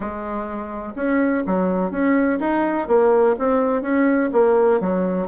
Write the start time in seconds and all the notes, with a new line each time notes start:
0.00 G#3
0.95 C#4
1.46 F#3
1.91 C#4
2.39 D#4
2.87 A#3
3.38 C4
3.82 C#4
4.32 A#3
4.80 F#3